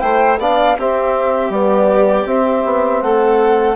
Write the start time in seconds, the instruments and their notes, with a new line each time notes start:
0.00 bassoon A3, trombone E4, violin C5, flute G5
0.38 bassoon B3, trombone D4, violin D5, flute F5
0.78 bassoon C4, trombone C4, violin G4, flute E5
1.50 bassoon G3, trombone B3, flute D5
2.26 bassoon C4, trombone C4, flute E5
2.65 bassoon B3
3.02 bassoon A3, violin A4, flute F#5